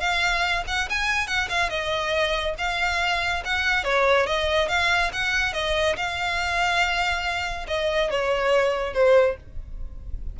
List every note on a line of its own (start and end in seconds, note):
0.00 0.64 F5
0.68 0.89 F#5
0.90 1.27 G#5
1.27 1.49 F#5
1.50 1.70 F5
1.70 2.55 D#5
2.58 3.44 F5
3.45 3.84 F#5
3.84 4.27 C#5
4.27 4.69 D#5
4.69 5.11 F5
5.13 5.53 F#5
5.53 5.96 D#5
5.97 7.67 F5
7.68 8.10 D#5
8.11 8.94 C#5
8.94 9.37 C5